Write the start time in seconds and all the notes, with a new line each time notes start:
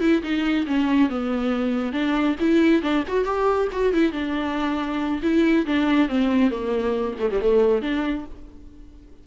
0.00 E4
0.22 D#4
0.66 C#4
1.09 B3
1.92 D4
2.39 E4
2.82 D4
3.07 F#4
3.24 G4
3.72 F#4
3.93 E4
4.12 D4
5.22 E4
5.66 D4
6.08 C4
6.50 A#3
7.19 A3
7.31 G3
7.41 A3
7.81 D4